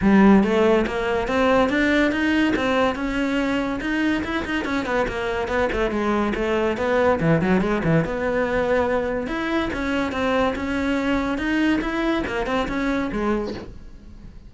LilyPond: \new Staff \with { instrumentName = "cello" } { \time 4/4 \tempo 4 = 142 g4 a4 ais4 c'4 | d'4 dis'4 c'4 cis'4~ | cis'4 dis'4 e'8 dis'8 cis'8 b8 | ais4 b8 a8 gis4 a4 |
b4 e8 fis8 gis8 e8 b4~ | b2 e'4 cis'4 | c'4 cis'2 dis'4 | e'4 ais8 c'8 cis'4 gis4 | }